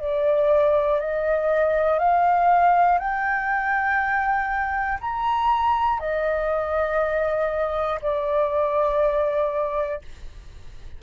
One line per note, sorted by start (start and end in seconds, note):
0.00 1.00 D5
1.00 1.98 D#5
1.98 2.98 F5
2.98 4.98 G5
5.00 5.99 A#5
5.99 7.99 D#5
8.01 10.01 D5